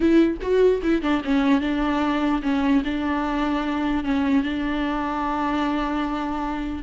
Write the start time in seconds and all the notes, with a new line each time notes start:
0.00 E4
0.41 F#4
0.82 E4
1.01 D4
1.24 C#4
1.61 D4
2.42 C#4
2.84 D4
4.04 C#4
4.43 D4